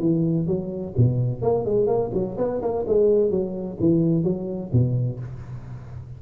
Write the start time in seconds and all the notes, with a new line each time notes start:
0.00 E3
0.47 F#3
0.97 B2
1.42 A#3
1.66 G#3
1.87 A#3
2.14 F#3
2.38 B3
2.62 A#3
2.88 G#3
3.31 F#3
3.80 E3
4.24 F#3
4.73 B2